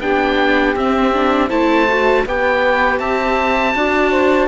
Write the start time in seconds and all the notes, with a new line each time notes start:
0.00 B3 D4 G4 G5
0.76 C4 E5
1.14 D4
1.49 A3 E4 C5 A5
1.89 F#4
2.26 B3 G4 B4 G5
2.99 C4 E5 A5
3.75 D4 F#4 D5
4.11 C5